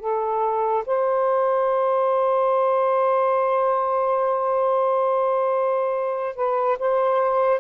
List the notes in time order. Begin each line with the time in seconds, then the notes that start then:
0.00 A4
0.86 C5
6.36 B4
6.79 C5